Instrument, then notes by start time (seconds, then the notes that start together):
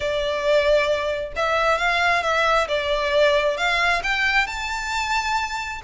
violin
0.00 D5
1.36 E5
1.78 F5
2.22 E5
2.68 D5
3.57 F5
4.03 G5
4.47 A5